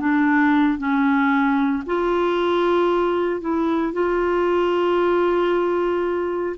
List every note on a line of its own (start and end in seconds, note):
0.00 0.78 D4
0.78 1.84 C#4
1.87 3.41 F4
3.41 3.93 E4
3.93 6.56 F4